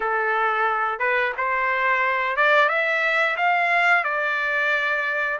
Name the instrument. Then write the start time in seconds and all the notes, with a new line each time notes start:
trumpet
0.00 A4
0.99 B4
1.37 C5
2.36 D5
2.68 E5
3.36 F5
4.04 D5